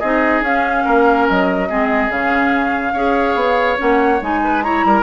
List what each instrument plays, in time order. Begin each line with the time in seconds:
0.00 bassoon C4, clarinet D#4, oboe G#4, flute D#5
0.42 bassoon C#4, clarinet C#4, flute F5
0.85 bassoon A#3, oboe A#4
1.29 bassoon F#3, flute D#5
1.69 bassoon G#3, clarinet C4, oboe G#4
2.09 bassoon C#3, clarinet C#4, flute F5
2.94 bassoon C#4, clarinet G#4, oboe C#5
3.35 bassoon B3
3.77 bassoon A#3, clarinet C#4, flute F#5
4.22 bassoon G#3, clarinet D#4, flute G#5
4.44 oboe B4
4.64 clarinet E4, oboe C#5, flute A#5
4.85 bassoon G3, oboe A#4